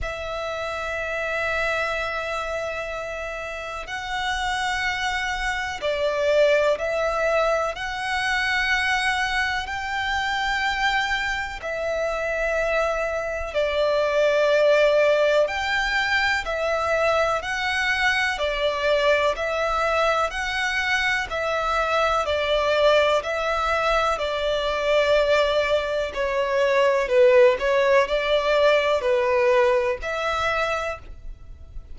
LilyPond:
\new Staff \with { instrumentName = "violin" } { \time 4/4 \tempo 4 = 62 e''1 | fis''2 d''4 e''4 | fis''2 g''2 | e''2 d''2 |
g''4 e''4 fis''4 d''4 | e''4 fis''4 e''4 d''4 | e''4 d''2 cis''4 | b'8 cis''8 d''4 b'4 e''4 | }